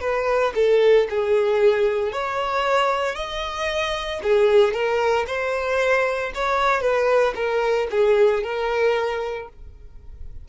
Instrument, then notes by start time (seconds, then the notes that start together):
violin
0.00 B4
0.55 A4
1.09 G#4
2.11 C#5
3.15 D#5
4.22 G#4
4.73 A#4
5.26 C5
6.34 C#5
6.81 B4
7.35 A#4
7.90 G#4
8.43 A#4